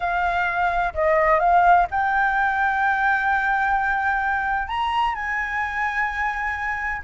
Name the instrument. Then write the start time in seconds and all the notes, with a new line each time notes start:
flute
0.00 F5
0.94 D#5
1.39 F5
1.90 G5
4.68 A#5
5.14 G#5